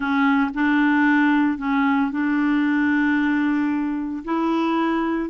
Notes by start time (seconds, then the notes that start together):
0.00 C#4
0.54 D4
1.58 C#4
2.11 D4
4.24 E4